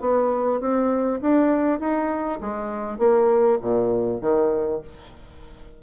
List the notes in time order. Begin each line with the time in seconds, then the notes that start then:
0.00 B3
0.60 C4
1.21 D4
1.79 D#4
2.40 G#3
2.98 A#3
3.61 A#2
4.21 D#3